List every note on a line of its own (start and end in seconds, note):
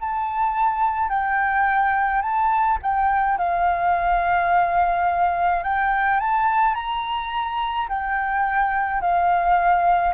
0.00 1.09 A5
1.09 2.22 G5
2.22 2.78 A5
2.82 3.38 G5
3.38 5.63 F5
5.63 6.20 G5
6.20 6.75 A5
6.75 7.88 A#5
7.88 9.01 G5
9.01 10.14 F5